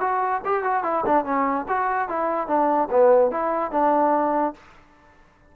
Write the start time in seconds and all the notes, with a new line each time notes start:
0.00 F#4
0.45 G4
0.63 F#4
0.83 E4
1.05 D4
1.24 C#4
1.68 F#4
2.08 E4
2.47 D4
2.90 B3
3.31 E4
3.71 D4